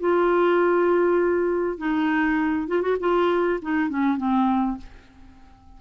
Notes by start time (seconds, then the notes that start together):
0.00 F4
1.78 D#4
2.68 F4
2.82 F#4
3.00 F4
3.62 D#4
3.90 C#4
4.18 C4